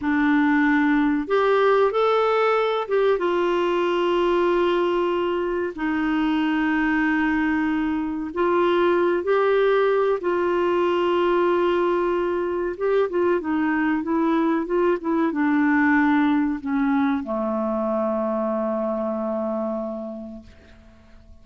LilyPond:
\new Staff \with { instrumentName = "clarinet" } { \time 4/4 \tempo 4 = 94 d'2 g'4 a'4~ | a'8 g'8 f'2.~ | f'4 dis'2.~ | dis'4 f'4. g'4. |
f'1 | g'8 f'8 dis'4 e'4 f'8 e'8 | d'2 cis'4 a4~ | a1 | }